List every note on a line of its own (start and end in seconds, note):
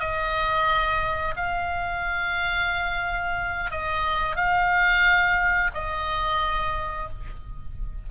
0.00 1.35 D#5
1.36 3.71 F5
3.71 4.36 D#5
4.36 5.71 F5
5.74 7.09 D#5